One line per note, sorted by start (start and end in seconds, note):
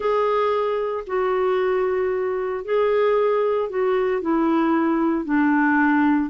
0.00 1.04 G#4
1.06 2.64 F#4
2.65 3.69 G#4
3.69 4.21 F#4
4.21 5.24 E4
5.24 6.29 D4